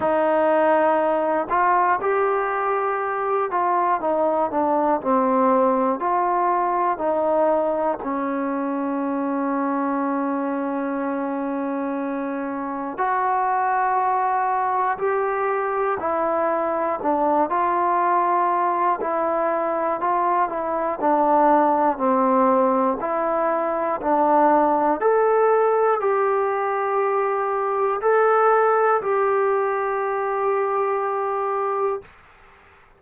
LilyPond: \new Staff \with { instrumentName = "trombone" } { \time 4/4 \tempo 4 = 60 dis'4. f'8 g'4. f'8 | dis'8 d'8 c'4 f'4 dis'4 | cis'1~ | cis'4 fis'2 g'4 |
e'4 d'8 f'4. e'4 | f'8 e'8 d'4 c'4 e'4 | d'4 a'4 g'2 | a'4 g'2. | }